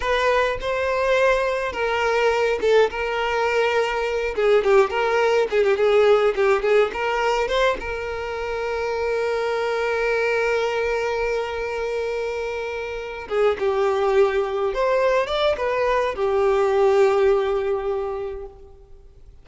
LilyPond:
\new Staff \with { instrumentName = "violin" } { \time 4/4 \tempo 4 = 104 b'4 c''2 ais'4~ | ais'8 a'8 ais'2~ ais'8 gis'8 | g'8 ais'4 gis'16 g'16 gis'4 g'8 gis'8 | ais'4 c''8 ais'2~ ais'8~ |
ais'1~ | ais'2. gis'8 g'8~ | g'4. c''4 d''8 b'4 | g'1 | }